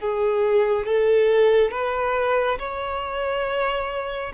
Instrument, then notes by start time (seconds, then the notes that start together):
violin
0.00 G#4
0.86 A4
1.71 B4
2.59 C#5